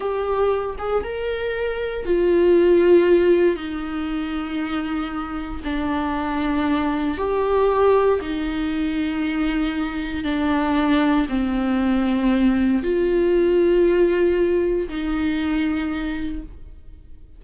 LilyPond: \new Staff \with { instrumentName = "viola" } { \time 4/4 \tempo 4 = 117 g'4. gis'8 ais'2 | f'2. dis'4~ | dis'2. d'4~ | d'2 g'2 |
dis'1 | d'2 c'2~ | c'4 f'2.~ | f'4 dis'2. | }